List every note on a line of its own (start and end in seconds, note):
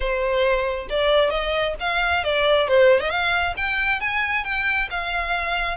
0.00 0.87 C5
0.89 1.30 D5
1.30 1.74 D#5
1.80 2.24 F5
2.24 2.68 D5
2.68 3.00 C5
3.00 3.09 D#5
3.09 3.54 F5
3.57 4.00 G5
4.00 4.44 G#5
4.44 4.88 G5
4.90 5.77 F5